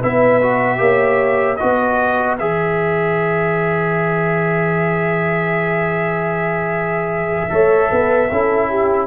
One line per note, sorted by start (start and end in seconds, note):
0.00 0.79 B3
0.00 0.41 E4
0.00 0.79 B4
0.00 1.57 E5
0.42 0.77 F#4
0.77 1.58 A#3
0.77 1.56 G4
0.77 1.60 C#5
1.57 2.39 F#4
1.57 7.52 B4
1.57 2.36 D#5
1.63 2.40 B3
2.39 7.51 E3
2.39 7.50 G#4
2.39 9.07 E5
7.50 7.91 A3
7.50 8.28 A4
7.50 7.91 C#5
7.91 8.31 B3
7.91 8.32 B4
8.31 9.07 C#4
8.31 9.07 E4
8.31 8.69 A4
8.69 9.07 G4